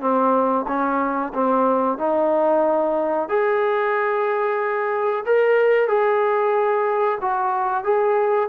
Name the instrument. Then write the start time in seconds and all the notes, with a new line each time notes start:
trombone
0.00 C4
0.67 C#4
1.34 C4
1.98 D#4
3.28 G#4
5.25 A#4
5.88 G#4
7.21 F#4
7.83 G#4